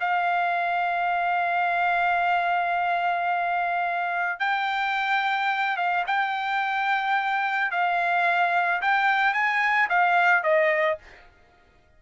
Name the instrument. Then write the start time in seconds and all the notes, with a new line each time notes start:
trumpet
0.00 F5
4.40 G5
5.77 F5
6.07 G5
7.71 F5
8.82 G5
9.34 G#5
9.89 F5
10.43 D#5